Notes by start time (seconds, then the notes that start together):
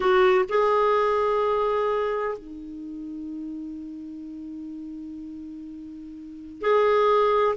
0.00 F#4
0.49 G#4
2.38 D#4
6.61 G#4